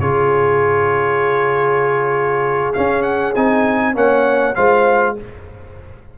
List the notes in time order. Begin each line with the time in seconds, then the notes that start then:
0.00 C#3 F4 G#4 C#5
2.74 C#4 F5
3.02 F#5
3.35 C4 D#4 G#5
3.94 A#3 C#4 C#5 F#5
4.55 G#3 F4 C5 F5